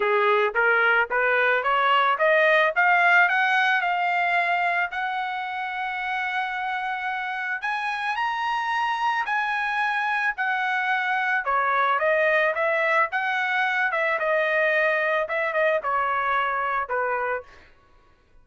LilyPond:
\new Staff \with { instrumentName = "trumpet" } { \time 4/4 \tempo 4 = 110 gis'4 ais'4 b'4 cis''4 | dis''4 f''4 fis''4 f''4~ | f''4 fis''2.~ | fis''2 gis''4 ais''4~ |
ais''4 gis''2 fis''4~ | fis''4 cis''4 dis''4 e''4 | fis''4. e''8 dis''2 | e''8 dis''8 cis''2 b'4 | }